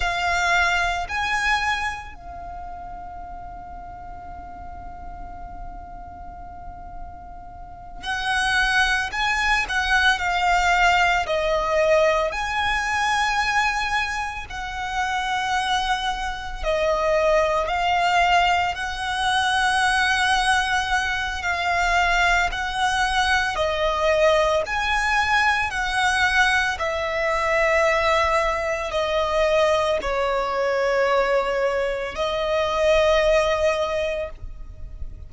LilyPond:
\new Staff \with { instrumentName = "violin" } { \time 4/4 \tempo 4 = 56 f''4 gis''4 f''2~ | f''2.~ f''8 fis''8~ | fis''8 gis''8 fis''8 f''4 dis''4 gis''8~ | gis''4. fis''2 dis''8~ |
dis''8 f''4 fis''2~ fis''8 | f''4 fis''4 dis''4 gis''4 | fis''4 e''2 dis''4 | cis''2 dis''2 | }